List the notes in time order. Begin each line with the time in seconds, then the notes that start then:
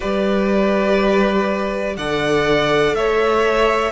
0.00 G3 G4 B4 D5
1.97 D3 A4 D5 F#5
2.93 A3 C#5 E5